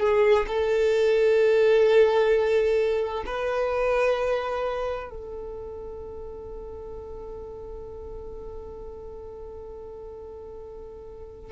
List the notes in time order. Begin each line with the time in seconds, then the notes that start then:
0.00 G#4
0.47 A4
3.26 B4
5.10 A4